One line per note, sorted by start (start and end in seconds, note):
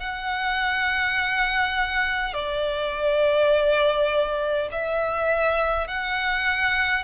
0.00 2.34 F#5
2.34 4.70 D5
4.72 5.88 E5
5.88 7.04 F#5